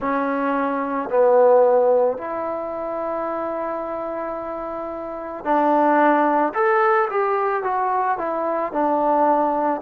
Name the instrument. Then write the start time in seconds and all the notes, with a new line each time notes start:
trombone
0.00 C#4
1.09 B3
2.17 E4
5.44 D4
6.54 A4
7.10 G4
7.63 F#4
8.18 E4
8.72 D4